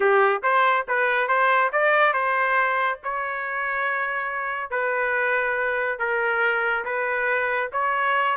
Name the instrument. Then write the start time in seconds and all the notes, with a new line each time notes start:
trumpet
0.00 G4
0.43 C5
0.87 B4
1.28 C5
1.72 D5
2.13 C5
3.03 C#5
4.70 B4
5.98 A#4
6.85 B4
7.72 C#5